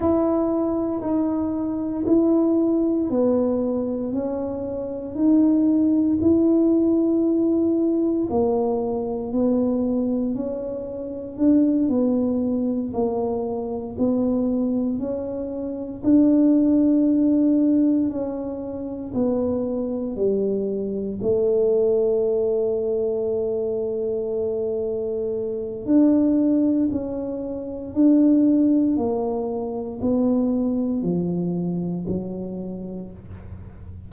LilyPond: \new Staff \with { instrumentName = "tuba" } { \time 4/4 \tempo 4 = 58 e'4 dis'4 e'4 b4 | cis'4 dis'4 e'2 | ais4 b4 cis'4 d'8 b8~ | b8 ais4 b4 cis'4 d'8~ |
d'4. cis'4 b4 g8~ | g8 a2.~ a8~ | a4 d'4 cis'4 d'4 | ais4 b4 f4 fis4 | }